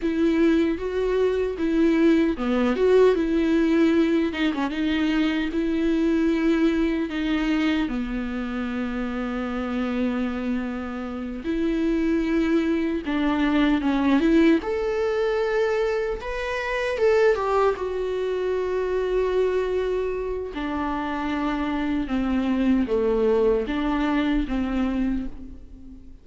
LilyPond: \new Staff \with { instrumentName = "viola" } { \time 4/4 \tempo 4 = 76 e'4 fis'4 e'4 b8 fis'8 | e'4. dis'16 cis'16 dis'4 e'4~ | e'4 dis'4 b2~ | b2~ b8 e'4.~ |
e'8 d'4 cis'8 e'8 a'4.~ | a'8 b'4 a'8 g'8 fis'4.~ | fis'2 d'2 | c'4 a4 d'4 c'4 | }